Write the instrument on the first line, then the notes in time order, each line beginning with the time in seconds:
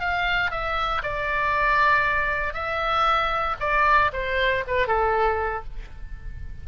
oboe
0.00 F5
0.51 E5
1.03 D5
2.54 E5
3.60 D5
4.13 C5
4.67 B4
4.87 A4